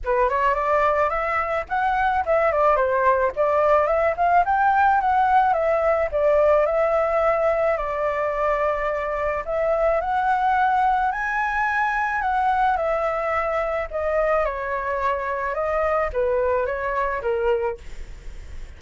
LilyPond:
\new Staff \with { instrumentName = "flute" } { \time 4/4 \tempo 4 = 108 b'8 cis''8 d''4 e''4 fis''4 | e''8 d''8 c''4 d''4 e''8 f''8 | g''4 fis''4 e''4 d''4 | e''2 d''2~ |
d''4 e''4 fis''2 | gis''2 fis''4 e''4~ | e''4 dis''4 cis''2 | dis''4 b'4 cis''4 ais'4 | }